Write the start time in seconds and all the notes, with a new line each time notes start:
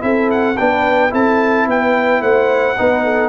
0.00 C4 E4 A4 E5
0.30 F#5
0.57 B3 D4 B4 G5
1.10 C4 E4 A4 A5
1.67 B3 B4 G5
2.21 A3 C5 F#5
2.78 B3 D#4 B4
3.04 A4